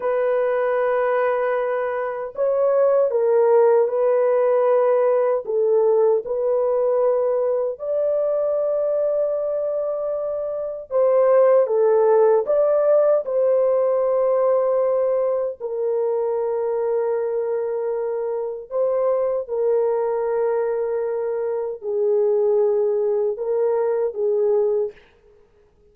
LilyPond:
\new Staff \with { instrumentName = "horn" } { \time 4/4 \tempo 4 = 77 b'2. cis''4 | ais'4 b'2 a'4 | b'2 d''2~ | d''2 c''4 a'4 |
d''4 c''2. | ais'1 | c''4 ais'2. | gis'2 ais'4 gis'4 | }